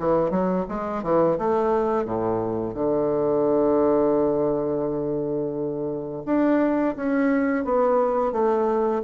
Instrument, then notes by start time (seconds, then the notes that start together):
bassoon
0.00 E3
0.31 F#3
0.69 G#3
1.03 E3
1.39 A3
2.05 A2
2.75 D3
6.26 D4
6.96 C#4
7.65 B3
8.32 A3